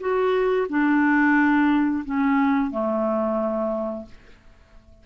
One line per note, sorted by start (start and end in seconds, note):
0.00 0.67 F#4
0.69 2.04 D4
2.05 2.71 C#4
2.71 4.06 A3